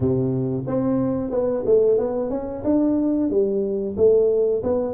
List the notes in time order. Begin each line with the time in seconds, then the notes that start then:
0.00 C3
0.66 C4
1.30 B3
1.65 A3
1.98 B3
2.30 C#4
2.64 D4
3.30 G3
3.97 A3
4.63 B3